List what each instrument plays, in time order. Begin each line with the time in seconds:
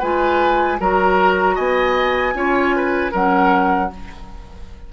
0.00 bassoon G#3, clarinet F4, oboe B4, flute G#5
0.80 bassoon F#3, clarinet F#4, oboe A#4, flute A#5
1.56 bassoon B3, oboe D#5, flute G#5
2.34 bassoon C#4, clarinet F4, oboe C#5
2.76 oboe B4
3.12 bassoon F#3, clarinet C#4, oboe A#4, flute F#5